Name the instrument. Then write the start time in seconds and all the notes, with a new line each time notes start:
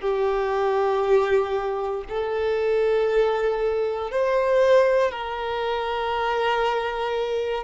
violin
0.00 G4
2.08 A4
4.11 C5
5.11 A#4